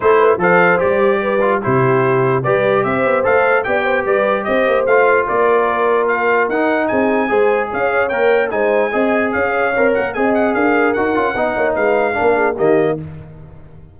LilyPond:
<<
  \new Staff \with { instrumentName = "trumpet" } { \time 4/4 \tempo 4 = 148 c''4 f''4 d''2 | c''2 d''4 e''4 | f''4 g''4 d''4 dis''4 | f''4 d''2 f''4 |
fis''4 gis''2 f''4 | g''4 gis''2 f''4~ | f''8 fis''8 gis''8 fis''8 f''4 fis''4~ | fis''4 f''2 dis''4 | }
  \new Staff \with { instrumentName = "horn" } { \time 4/4 a'8 b'8 c''2 b'4 | g'2 b'4 c''4~ | c''4 d''8 c''8 b'4 c''4~ | c''4 ais'2.~ |
ais'4 gis'4 c''4 cis''4~ | cis''4 c''4 dis''4 cis''4~ | cis''4 dis''4 ais'2 | dis''8 cis''8 b'4 ais'8 gis'8 g'4 | }
  \new Staff \with { instrumentName = "trombone" } { \time 4/4 e'4 a'4 g'4. f'8 | e'2 g'2 | a'4 g'2. | f'1 |
dis'2 gis'2 | ais'4 dis'4 gis'2 | ais'4 gis'2 fis'8 f'8 | dis'2 d'4 ais4 | }
  \new Staff \with { instrumentName = "tuba" } { \time 4/4 a4 f4 g2 | c2 g4 c'8 b8 | a4 b4 g4 c'8 ais8 | a4 ais2. |
dis'4 c'4 gis4 cis'4 | ais4 gis4 c'4 cis'4 | c'8 ais8 c'4 d'4 dis'8 cis'8 | b8 ais8 gis4 ais4 dis4 | }
>>